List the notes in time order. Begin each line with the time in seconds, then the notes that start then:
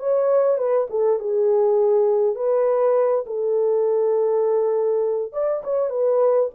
0.00 C#5
0.58 B4
0.90 A4
1.20 G#4
2.36 B4
3.27 A4
5.33 D5
5.64 C#5
5.90 B4